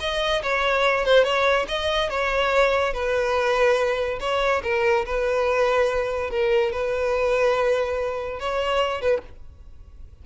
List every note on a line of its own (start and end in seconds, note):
0.00 0.42 D#5
0.43 1.05 C#5
1.05 1.24 C5
1.24 1.66 C#5
1.68 2.10 D#5
2.10 2.93 C#5
2.93 4.19 B4
4.20 4.62 C#5
4.63 5.05 A#4
5.06 6.31 B4
6.31 6.72 A#4
6.72 8.40 B4
8.40 9.01 C#5
9.01 9.22 B4